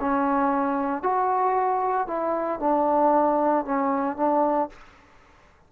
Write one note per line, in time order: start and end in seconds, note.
0.00 1.03 C#4
1.03 2.07 F#4
2.07 2.60 E4
2.60 3.65 D4
3.65 4.17 C#4
4.17 4.69 D4